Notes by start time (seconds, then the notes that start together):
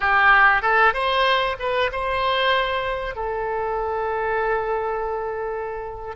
0.00 G4
0.61 A4
0.93 C5
1.59 B4
1.91 C5
3.15 A4